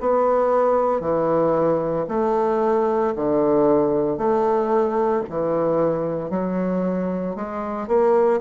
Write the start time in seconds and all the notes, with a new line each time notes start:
0.00 B3
1.00 E3
2.08 A3
3.15 D3
4.17 A3
5.29 E3
6.30 F#3
7.35 G#3
7.88 A#3